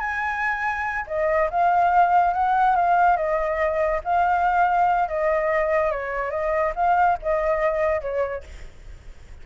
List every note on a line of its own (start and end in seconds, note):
0.00 1.06 G#5
1.07 1.49 D#5
1.50 2.34 F5
2.34 2.76 F#5
2.76 3.17 F5
3.17 4.01 D#5
4.04 5.09 F5
5.09 5.91 D#5
5.91 6.31 C#5
6.31 6.73 D#5
6.75 7.18 F5
7.22 8.01 D#5
8.01 8.44 C#5